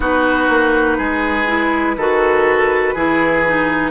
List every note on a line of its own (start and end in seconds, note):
0.00 0.48 B3
0.00 1.47 D#4
0.00 0.97 F#4
0.00 3.90 B4
0.49 0.98 A#3
0.97 1.97 G#3
0.97 1.95 G#4
1.47 1.96 E4
1.97 2.94 D#3
1.97 2.96 F#4
1.97 2.94 A4
2.94 3.90 E3
2.94 3.45 E4
2.94 3.90 G#4
3.46 3.90 D#4